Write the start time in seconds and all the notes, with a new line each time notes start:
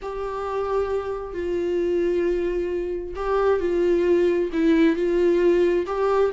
0.02 G4
1.33 F4
3.15 G4
3.60 F4
4.52 E4
4.95 F4
5.86 G4